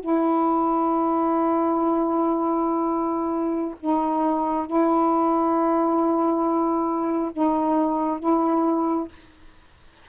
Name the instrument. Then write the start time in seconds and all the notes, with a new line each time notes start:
saxophone
0.00 E4
3.79 D#4
4.66 E4
7.32 D#4
8.19 E4